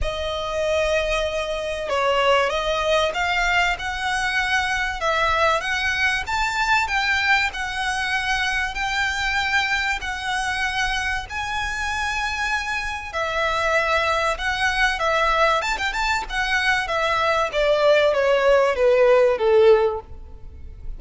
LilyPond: \new Staff \with { instrumentName = "violin" } { \time 4/4 \tempo 4 = 96 dis''2. cis''4 | dis''4 f''4 fis''2 | e''4 fis''4 a''4 g''4 | fis''2 g''2 |
fis''2 gis''2~ | gis''4 e''2 fis''4 | e''4 a''16 g''16 a''8 fis''4 e''4 | d''4 cis''4 b'4 a'4 | }